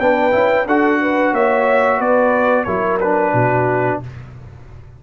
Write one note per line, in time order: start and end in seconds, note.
0.00 0.33 B3
0.00 0.31 D4
0.00 0.67 B4
0.00 0.67 G5
0.31 0.66 C#4
0.31 0.65 E4
0.66 1.33 D4
0.66 2.67 F#4
0.66 1.00 A4
0.66 1.34 F#5
1.01 1.33 B4
1.33 2.00 A#3
1.33 1.98 C#5
1.33 2.01 E5
1.98 2.66 B3
1.98 2.64 B4
1.98 2.64 D5
2.64 3.33 F#3
2.64 3.00 E4
2.64 3.33 A#4
2.64 2.98 C#5
3.00 4.03 D4
3.00 4.00 B4
3.33 4.00 B2
3.33 4.00 F#4